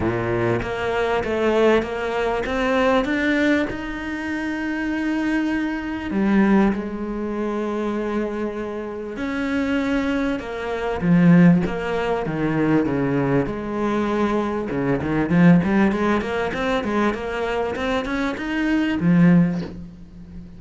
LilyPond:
\new Staff \with { instrumentName = "cello" } { \time 4/4 \tempo 4 = 98 ais,4 ais4 a4 ais4 | c'4 d'4 dis'2~ | dis'2 g4 gis4~ | gis2. cis'4~ |
cis'4 ais4 f4 ais4 | dis4 cis4 gis2 | cis8 dis8 f8 g8 gis8 ais8 c'8 gis8 | ais4 c'8 cis'8 dis'4 f4 | }